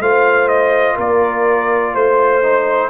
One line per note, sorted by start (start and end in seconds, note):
0.00 0.97 A3
0.00 2.43 F4
0.00 0.95 C5
0.00 0.49 F5
0.49 0.97 D#5
0.95 1.95 A#3
0.95 1.92 A#4
0.95 1.95 D5
1.94 2.90 A3
1.94 2.90 C5
2.43 2.90 D#4